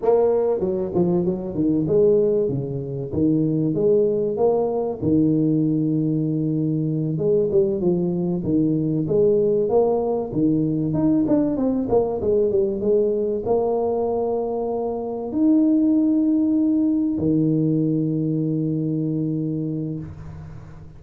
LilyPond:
\new Staff \with { instrumentName = "tuba" } { \time 4/4 \tempo 4 = 96 ais4 fis8 f8 fis8 dis8 gis4 | cis4 dis4 gis4 ais4 | dis2.~ dis8 gis8 | g8 f4 dis4 gis4 ais8~ |
ais8 dis4 dis'8 d'8 c'8 ais8 gis8 | g8 gis4 ais2~ ais8~ | ais8 dis'2. dis8~ | dis1 | }